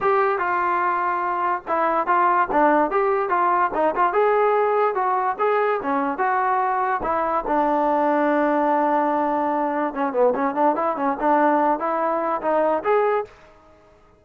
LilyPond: \new Staff \with { instrumentName = "trombone" } { \time 4/4 \tempo 4 = 145 g'4 f'2. | e'4 f'4 d'4 g'4 | f'4 dis'8 f'8 gis'2 | fis'4 gis'4 cis'4 fis'4~ |
fis'4 e'4 d'2~ | d'1 | cis'8 b8 cis'8 d'8 e'8 cis'8 d'4~ | d'8 e'4. dis'4 gis'4 | }